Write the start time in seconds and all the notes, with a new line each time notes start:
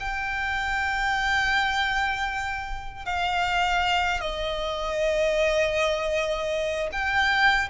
0.00 G5
3.06 F5
4.21 D#5
6.92 G5